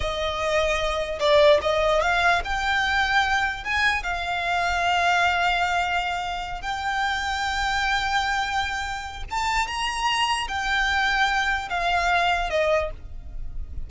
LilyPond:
\new Staff \with { instrumentName = "violin" } { \time 4/4 \tempo 4 = 149 dis''2. d''4 | dis''4 f''4 g''2~ | g''4 gis''4 f''2~ | f''1~ |
f''8 g''2.~ g''8~ | g''2. a''4 | ais''2 g''2~ | g''4 f''2 dis''4 | }